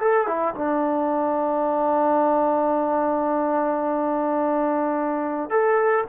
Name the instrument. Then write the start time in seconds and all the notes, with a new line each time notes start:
trombone
0.00 A4
0.27 E4
0.55 D4
5.49 A4